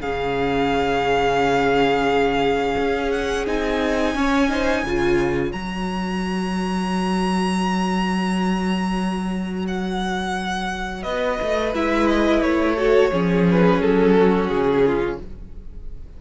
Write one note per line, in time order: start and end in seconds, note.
0.00 2.76 C#3
0.00 3.47 C#4
0.00 4.15 G#4
0.00 3.11 F5
2.78 3.47 C#4
3.11 3.46 F#5
3.47 4.16 C4
3.47 4.16 D#4
3.47 5.52 G#5
4.15 4.84 C#4
4.15 4.50 C#4
4.15 4.50 C#5
4.50 4.84 D#4
4.50 4.85 C5
4.84 5.53 C#3
4.84 5.55 F4
4.84 11.03 C#5
5.52 11.05 F#3
5.52 11.75 F#4
5.52 9.66 A#5
9.68 11.03 F#5
11.03 11.39 B3
11.03 12.76 B4
11.03 11.72 D#5
11.42 11.75 A3
11.75 12.42 G#3
11.75 12.77 E4
11.75 12.08 E5
12.08 12.42 D#5
12.42 13.11 A3
12.42 13.46 C#5
12.77 13.12 F#4
12.77 13.12 A4
13.13 13.80 F3
13.13 15.20 C#4
13.13 14.16 G#4
13.51 13.82 B4
13.80 14.49 F#3
13.80 14.49 A4
14.17 14.85 F#4
14.49 15.19 C#3
14.49 15.18 G#4
14.87 15.22 F4